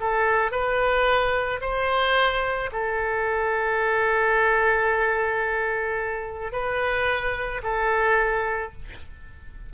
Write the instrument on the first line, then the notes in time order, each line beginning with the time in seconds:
oboe
0.00 A4
0.51 B4
1.61 C5
2.72 A4
6.52 B4
7.63 A4